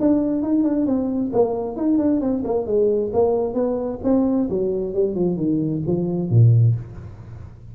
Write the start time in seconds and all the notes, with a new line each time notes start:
0.00 D4
0.42 D#4
0.64 D4
0.86 C4
1.33 A#3
1.77 D#4
1.98 D4
2.21 C4
2.45 A#3
2.67 G#3
3.13 A#3
3.54 B3
4.04 C4
4.50 F#3
4.94 G3
5.15 F3
5.37 D#3
5.87 F3
6.30 A#2